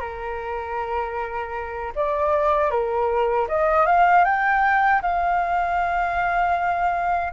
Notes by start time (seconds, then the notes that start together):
0.00 A#4
1.95 D5
2.71 A#4
3.48 D#5
3.86 F5
4.24 G5
5.02 F5